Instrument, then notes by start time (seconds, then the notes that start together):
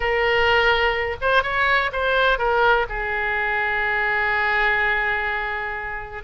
oboe
0.00 A#4
1.21 C5
1.42 C#5
1.92 C5
2.38 A#4
2.89 G#4